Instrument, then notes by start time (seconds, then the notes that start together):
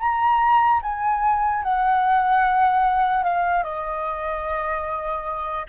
flute
0.00 A#5
0.83 G#5
1.64 F#5
3.24 F5
3.64 D#5